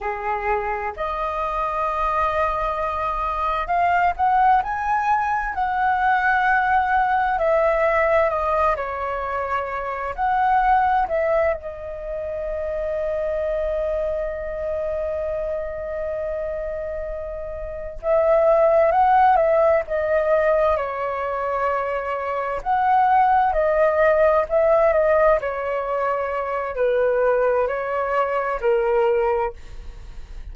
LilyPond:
\new Staff \with { instrumentName = "flute" } { \time 4/4 \tempo 4 = 65 gis'4 dis''2. | f''8 fis''8 gis''4 fis''2 | e''4 dis''8 cis''4. fis''4 | e''8 dis''2.~ dis''8~ |
dis''2.~ dis''8 e''8~ | e''8 fis''8 e''8 dis''4 cis''4.~ | cis''8 fis''4 dis''4 e''8 dis''8 cis''8~ | cis''4 b'4 cis''4 ais'4 | }